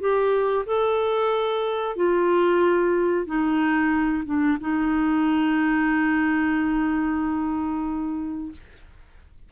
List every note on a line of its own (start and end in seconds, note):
0.00 0.65 G4
0.66 1.96 A4
1.96 3.26 F4
3.26 4.24 D#4
4.25 4.58 D4
4.60 8.52 D#4